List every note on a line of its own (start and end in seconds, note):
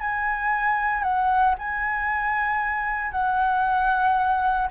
0.00 1.03 G#5
1.03 1.55 F#5
1.59 3.12 G#5
3.12 4.68 F#5